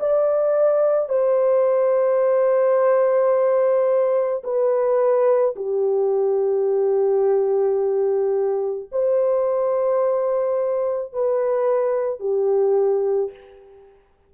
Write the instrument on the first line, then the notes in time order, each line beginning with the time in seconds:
horn
0.00 D5
1.10 C5
4.44 B4
5.56 G4
8.92 C5
11.13 B4
12.20 G4